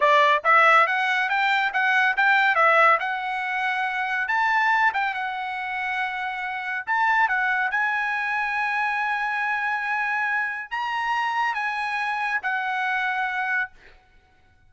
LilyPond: \new Staff \with { instrumentName = "trumpet" } { \time 4/4 \tempo 4 = 140 d''4 e''4 fis''4 g''4 | fis''4 g''4 e''4 fis''4~ | fis''2 a''4. g''8 | fis''1 |
a''4 fis''4 gis''2~ | gis''1~ | gis''4 ais''2 gis''4~ | gis''4 fis''2. | }